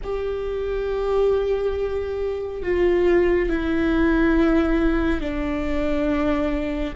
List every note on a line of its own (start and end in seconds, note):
0.03 2.62 G4
2.62 3.49 F4
3.49 5.21 E4
5.21 6.94 D4